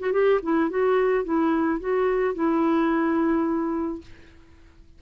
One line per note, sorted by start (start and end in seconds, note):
0.00 0.13 F#4
0.13 0.40 G4
0.43 0.70 E4
0.70 1.24 F#4
1.24 1.80 E4
1.80 2.35 F#4
2.35 4.02 E4